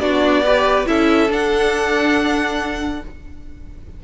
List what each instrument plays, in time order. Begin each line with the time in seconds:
0.00 cello B3, viola D4, violin F#4 D5
0.46 viola G4, violin B4
0.86 cello C#4, viola E4, violin A4 E5
1.30 cello D4, viola D4, violin F#5